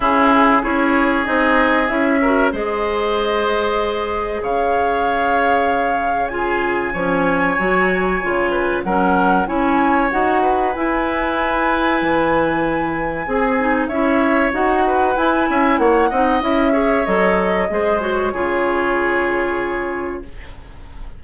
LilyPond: <<
  \new Staff \with { instrumentName = "flute" } { \time 4/4 \tempo 4 = 95 gis'4 cis''4 dis''4 e''4 | dis''2. f''4~ | f''2 gis''2~ | gis''2 fis''4 gis''4 |
fis''4 gis''2.~ | gis''2 e''4 fis''4 | gis''4 fis''4 e''4 dis''4~ | dis''8 cis''2.~ cis''8 | }
  \new Staff \with { instrumentName = "oboe" } { \time 4/4 e'4 gis'2~ gis'8 ais'8 | c''2. cis''4~ | cis''2 gis'4 cis''4~ | cis''4. b'8 ais'4 cis''4~ |
cis''8 b'2.~ b'8~ | b'4 gis'4 cis''4. b'8~ | b'8 e''8 cis''8 dis''4 cis''4. | c''4 gis'2. | }
  \new Staff \with { instrumentName = "clarinet" } { \time 4/4 cis'4 e'4 dis'4 e'8 fis'8 | gis'1~ | gis'2 f'4 cis'4 | fis'4 f'4 cis'4 e'4 |
fis'4 e'2.~ | e'4 gis'8 dis'8 e'4 fis'4 | e'4. dis'8 e'8 gis'8 a'4 | gis'8 fis'8 f'2. | }
  \new Staff \with { instrumentName = "bassoon" } { \time 4/4 cis4 cis'4 c'4 cis'4 | gis2. cis4~ | cis2. f4 | fis4 cis4 fis4 cis'4 |
dis'4 e'2 e4~ | e4 c'4 cis'4 dis'4 | e'8 cis'8 ais8 c'8 cis'4 fis4 | gis4 cis2. | }
>>